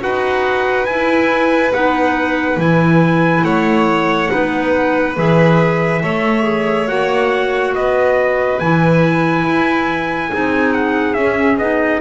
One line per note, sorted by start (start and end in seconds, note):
0.00 0.87 D#4
0.00 0.86 F#4
0.00 3.45 B4
0.00 0.85 F#5
0.85 1.73 E4
0.85 1.74 E4
0.85 1.71 G#5
1.73 2.57 B3
1.73 2.59 D#4
1.73 2.59 F#5
2.57 3.43 E3
2.57 4.28 E4
2.57 3.45 G#5
3.44 4.30 A3
3.44 4.31 C#5
3.44 5.16 F#5
4.28 5.17 B3
4.28 5.14 D#4
4.28 6.02 B4
5.17 6.03 E3
5.17 6.01 G#4
5.17 6.88 E5
6.01 6.88 A3
6.01 6.43 A4
6.01 7.74 C#5
6.43 6.86 G#4
6.87 7.74 A#3
6.87 8.59 F#4
6.87 7.74 F#5
7.74 8.60 B3
7.74 10.30 B4
7.74 8.59 D#5
8.59 9.45 E3
8.59 10.32 E4
8.59 10.73 G#5
9.45 10.31 E4
10.30 11.15 C4
10.30 11.17 D#4
10.30 12.01 G#4
10.73 11.14 F#5
11.14 11.58 C#4
11.14 11.61 C#4
11.14 11.57 E5
11.58 12.01 B3
11.58 12.01 D#4
11.58 12.01 D#5